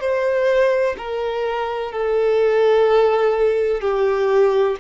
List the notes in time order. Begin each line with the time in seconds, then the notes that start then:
0.00 C5
0.97 A#4
1.92 A4
3.81 G4